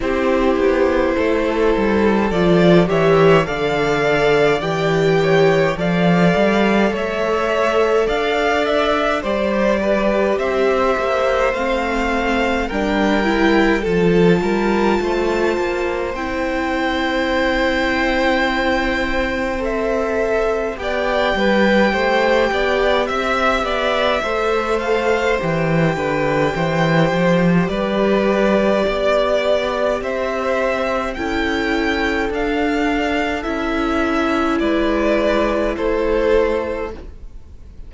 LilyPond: <<
  \new Staff \with { instrumentName = "violin" } { \time 4/4 \tempo 4 = 52 c''2 d''8 e''8 f''4 | g''4 f''4 e''4 f''8 e''8 | d''4 e''4 f''4 g''4 | a''2 g''2~ |
g''4 e''4 g''2 | e''4. f''8 g''2 | d''2 e''4 g''4 | f''4 e''4 d''4 c''4 | }
  \new Staff \with { instrumentName = "violin" } { \time 4/4 g'4 a'4. cis''8 d''4~ | d''8 cis''8 d''4 cis''4 d''4 | c''8 b'8 c''2 ais'4 | a'8 ais'8 c''2.~ |
c''2 d''8 b'8 c''8 d''8 | e''8 d''8 c''4. b'8 c''4 | b'4 d''4 c''4 a'4~ | a'2 b'4 a'4 | }
  \new Staff \with { instrumentName = "viola" } { \time 4/4 e'2 f'8 g'8 a'4 | g'4 a'2. | g'2 c'4 d'8 e'8 | f'2 e'2~ |
e'4 a'4 g'2~ | g'4 a'4 g'2~ | g'2. e'4 | d'4 e'2. | }
  \new Staff \with { instrumentName = "cello" } { \time 4/4 c'8 b8 a8 g8 f8 e8 d4 | e4 f8 g8 a4 d'4 | g4 c'8 ais8 a4 g4 | f8 g8 a8 ais8 c'2~ |
c'2 b8 g8 a8 b8 | c'8 b8 a4 e8 d8 e8 f8 | g4 b4 c'4 cis'4 | d'4 cis'4 gis4 a4 | }
>>